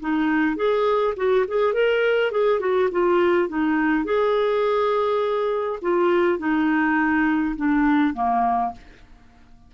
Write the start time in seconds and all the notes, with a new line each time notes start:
0.00 D#4
0.56 G#4
1.16 F#4
1.48 G#4
1.73 A#4
2.31 G#4
2.59 F#4
2.91 F4
3.48 D#4
4.05 G#4
5.81 F4
6.39 D#4
7.56 D4
8.13 A#3